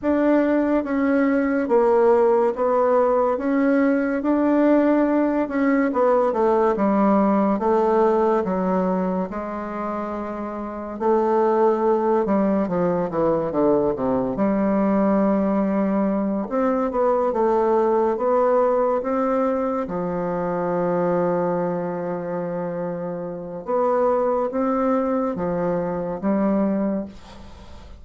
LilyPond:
\new Staff \with { instrumentName = "bassoon" } { \time 4/4 \tempo 4 = 71 d'4 cis'4 ais4 b4 | cis'4 d'4. cis'8 b8 a8 | g4 a4 fis4 gis4~ | gis4 a4. g8 f8 e8 |
d8 c8 g2~ g8 c'8 | b8 a4 b4 c'4 f8~ | f1 | b4 c'4 f4 g4 | }